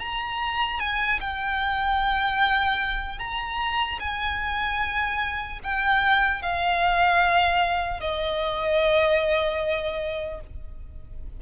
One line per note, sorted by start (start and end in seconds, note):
0.00 0.80 A#5
0.80 1.20 G#5
1.21 3.19 G5
3.19 3.99 A#5
4.00 5.60 G#5
5.64 6.42 G5
6.42 8.01 F5
8.01 10.41 D#5